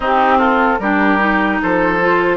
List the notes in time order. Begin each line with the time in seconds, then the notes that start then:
0.00 C4 D#4 G4
0.38 F4 A4
0.79 G3 D4 G4 A#4
1.19 D#4
1.62 F3 A4 C5
2.00 F4